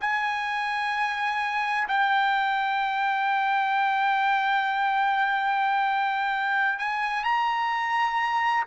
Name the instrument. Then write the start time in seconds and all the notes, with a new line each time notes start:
trumpet
0.00 G#5
1.88 G5
6.78 G#5
7.23 A#5